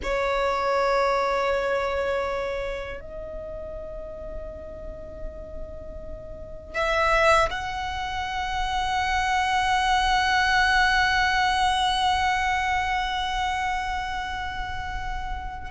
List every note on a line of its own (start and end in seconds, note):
0.02 3.00 C#5
3.00 6.74 D#5
6.74 7.49 E5
7.50 15.71 F#5